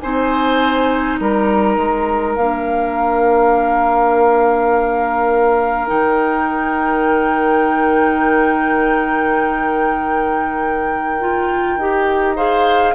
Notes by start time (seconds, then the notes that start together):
0.00 C4 D#4 C5 G#5
1.20 G3 A#4 A#5
1.77 G#3
2.36 A#3 D4 F5
5.87 D#3 D#4 G5
11.21 F4
11.77 D#4 G4
12.36 G#4 C5 F5